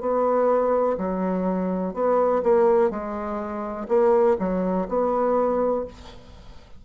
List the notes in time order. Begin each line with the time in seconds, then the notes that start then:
0.00 B3
0.97 F#3
1.94 B3
2.43 A#3
2.90 G#3
3.88 A#3
4.39 F#3
4.88 B3